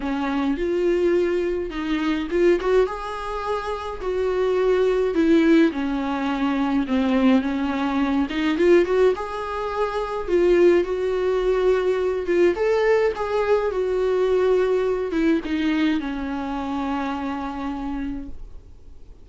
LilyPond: \new Staff \with { instrumentName = "viola" } { \time 4/4 \tempo 4 = 105 cis'4 f'2 dis'4 | f'8 fis'8 gis'2 fis'4~ | fis'4 e'4 cis'2 | c'4 cis'4. dis'8 f'8 fis'8 |
gis'2 f'4 fis'4~ | fis'4. f'8 a'4 gis'4 | fis'2~ fis'8 e'8 dis'4 | cis'1 | }